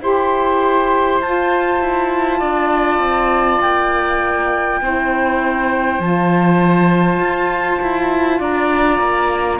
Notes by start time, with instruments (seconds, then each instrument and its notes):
0.00 cello E4, saxophone G4, oboe C5, flute C6
1.21 cello F4, saxophone F4, flute A5
1.81 cello E4
2.39 cello D4, oboe D5
2.98 cello C4
3.61 cello A#3, flute G5
4.81 cello C4, saxophone E4, oboe C5
5.99 cello F3, saxophone F4, flute A5
7.19 cello F4
7.82 cello E4
8.38 cello D4, oboe D5, flute A#5
8.99 cello A#3